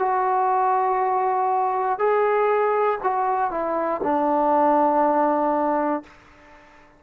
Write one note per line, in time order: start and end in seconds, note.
0.00 2.00 F#4
2.00 3.00 G#4
3.04 3.51 F#4
3.51 4.01 E4
4.04 6.04 D4